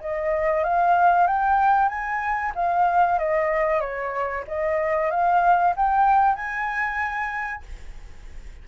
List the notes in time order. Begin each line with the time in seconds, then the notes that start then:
0.00 D#5
0.64 F5
1.27 G5
1.89 G#5
2.55 F5
3.19 D#5
3.80 C#5
4.47 D#5
5.11 F5
5.76 G5
6.35 G#5